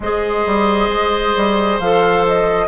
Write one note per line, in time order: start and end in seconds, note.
0.00 0.44 G#3
0.00 1.82 G#4
0.00 2.67 C5
0.00 1.79 D#5
0.46 0.88 G3
0.88 1.33 G#3
1.36 1.79 G3
1.79 2.67 F3
1.79 2.67 A4
1.79 2.24 F5
2.27 2.67 D#5